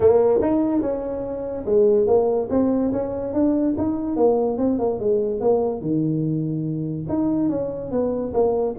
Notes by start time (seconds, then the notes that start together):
0.00 A#3
0.41 D#4
0.81 C#4
1.65 G#3
2.06 A#3
2.50 C4
2.92 C#4
3.33 D4
3.77 D#4
4.16 A#3
4.57 C4
4.79 A#3
4.99 G#3
5.40 A#3
5.81 D#3
7.09 D#4
7.49 C#4
7.91 B3
8.33 A#3